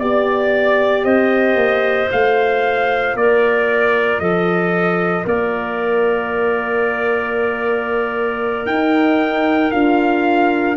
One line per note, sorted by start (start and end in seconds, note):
0.00 1.05 B3
0.00 2.10 G4
0.00 1.04 D5
0.00 1.05 D5
1.04 1.55 C4
1.04 3.16 C5
1.04 2.09 D#5
1.55 2.07 A#3
2.10 3.14 A3
2.10 8.68 F4
2.10 3.17 F5
3.14 4.19 A#3
3.14 4.21 A#4
3.14 4.20 D5
4.20 5.25 F3
4.20 5.24 A4
4.20 5.25 D#5
5.24 8.66 A#3
5.24 10.77 A#4
5.24 8.66 D5
8.66 9.71 D#4
8.66 9.72 D#4
8.66 9.71 G5
9.71 10.77 D4
9.71 10.77 F4
9.71 10.77 F5